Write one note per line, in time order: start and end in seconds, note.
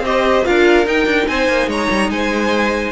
0.00 0.41 C4
0.00 0.44 G4
0.00 0.47 C5
0.00 0.45 D#5
0.44 0.86 D4
0.44 0.86 F4
0.44 1.29 A#4
0.44 0.86 F5
0.86 2.92 D#4
0.86 1.06 D#4
0.86 1.28 G5
1.06 1.27 D4
1.28 1.48 C4
1.28 1.69 C5
1.28 1.69 G#5
1.48 1.67 A#3
1.67 1.88 G#3
1.67 2.10 C#5
1.67 2.10 A#5
1.91 2.09 G3
2.09 2.92 G#3
2.09 2.92 C5
2.09 2.92 G#5